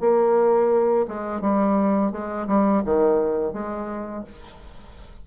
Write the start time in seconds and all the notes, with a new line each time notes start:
0.00 A#3
1.07 G#3
1.41 G3
2.11 G#3
2.47 G3
2.85 D#3
3.53 G#3